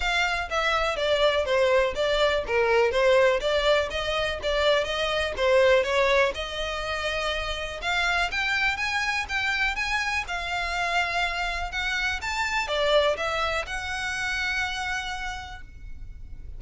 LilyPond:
\new Staff \with { instrumentName = "violin" } { \time 4/4 \tempo 4 = 123 f''4 e''4 d''4 c''4 | d''4 ais'4 c''4 d''4 | dis''4 d''4 dis''4 c''4 | cis''4 dis''2. |
f''4 g''4 gis''4 g''4 | gis''4 f''2. | fis''4 a''4 d''4 e''4 | fis''1 | }